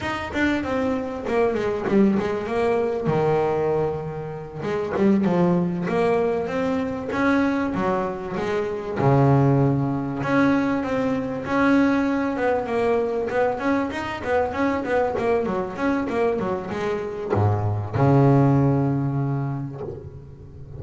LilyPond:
\new Staff \with { instrumentName = "double bass" } { \time 4/4 \tempo 4 = 97 dis'8 d'8 c'4 ais8 gis8 g8 gis8 | ais4 dis2~ dis8 gis8 | g8 f4 ais4 c'4 cis'8~ | cis'8 fis4 gis4 cis4.~ |
cis8 cis'4 c'4 cis'4. | b8 ais4 b8 cis'8 dis'8 b8 cis'8 | b8 ais8 fis8 cis'8 ais8 fis8 gis4 | gis,4 cis2. | }